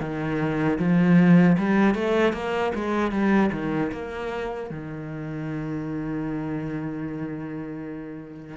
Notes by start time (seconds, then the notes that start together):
0.00 D#3
0.78 F3
1.58 G3
1.94 A3
2.33 A#3
2.74 G#3
3.11 G3
3.52 D#3
3.92 A#3
4.70 D#3